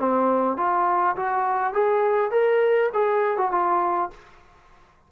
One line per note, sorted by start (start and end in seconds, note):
0.00 0.57 C4
0.57 1.16 F4
1.17 1.74 F#4
1.74 2.31 G#4
2.31 2.90 A#4
2.94 3.38 G#4
3.38 3.52 F#4
3.52 4.10 F4